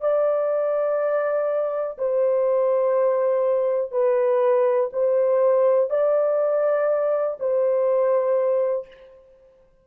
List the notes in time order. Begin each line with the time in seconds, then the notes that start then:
0.00 D5
1.98 C5
3.91 B4
4.93 C5
5.90 D5
7.39 C5